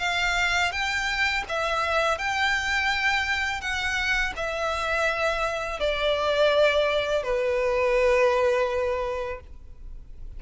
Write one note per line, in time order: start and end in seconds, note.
0.00 0.72 F5
0.72 1.44 G5
1.49 2.19 E5
2.19 3.61 G5
3.61 4.34 F#5
4.37 5.80 E5
5.80 7.24 D5
7.24 9.40 B4